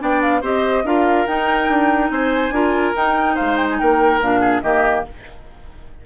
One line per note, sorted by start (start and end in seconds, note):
0.00 0.42 B3
0.00 0.42 D4
0.00 0.41 D5
0.00 0.22 G5
0.22 0.43 F5
0.41 0.84 C4
0.41 0.85 G4
0.41 0.83 C5
0.41 0.86 D#5
0.84 1.26 D4
0.84 1.27 F4
0.84 2.12 A#4
0.84 1.27 F5
1.27 1.69 D#4
1.27 2.53 D#4
1.27 2.10 G5
1.69 2.10 D4
2.10 2.50 C4
2.10 2.54 C5
2.10 2.94 G#5
2.50 2.92 D4
2.50 2.95 F4
2.50 3.35 A#4
2.96 3.37 D#4
2.96 4.22 D#4
2.96 3.36 G5
3.35 3.81 G#3
3.35 3.77 C5
3.35 3.57 F5
3.57 3.67 G5
3.70 3.79 G#5
3.79 4.20 A#3
3.79 4.40 A#4
3.79 4.21 G5
4.20 4.62 A#2
4.20 4.63 D4
4.20 4.62 F5
4.40 4.61 G#4
4.62 5.05 D#3
4.62 5.05 A#3
4.62 5.05 G4
4.62 5.04 D#5